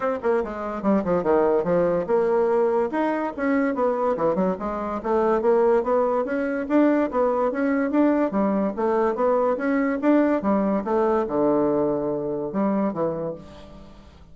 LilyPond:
\new Staff \with { instrumentName = "bassoon" } { \time 4/4 \tempo 4 = 144 c'8 ais8 gis4 g8 f8 dis4 | f4 ais2 dis'4 | cis'4 b4 e8 fis8 gis4 | a4 ais4 b4 cis'4 |
d'4 b4 cis'4 d'4 | g4 a4 b4 cis'4 | d'4 g4 a4 d4~ | d2 g4 e4 | }